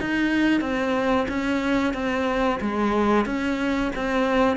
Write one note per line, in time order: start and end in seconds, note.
0.00 0.61 D#4
0.61 1.27 C4
1.28 1.94 C#4
1.94 2.60 C4
2.61 3.25 G#3
3.25 3.91 C#4
3.96 4.57 C4